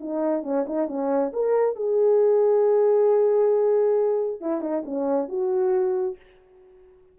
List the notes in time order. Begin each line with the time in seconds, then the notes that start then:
0.00 D#4
0.43 C#4
0.66 D#4
0.87 C#4
1.33 A#4
1.76 G#4
4.40 E4
4.61 D#4
4.85 C#4
5.28 F#4